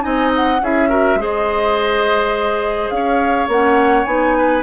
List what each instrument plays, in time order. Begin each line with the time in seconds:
0.00 bassoon C4, clarinet D#4, oboe D#5, flute G#5
0.36 flute F#5
0.61 bassoon C#4, clarinet E4, oboe G#4, flute E5
0.89 clarinet F#4, oboe A#4
1.15 bassoon G#3, clarinet G#4
1.21 oboe C5, flute D#5
2.90 bassoon C#4, oboe C#5, flute F5
3.47 bassoon A#3, clarinet C#4, flute F#5
4.04 bassoon B3, clarinet D#4, flute G#5
4.37 oboe B4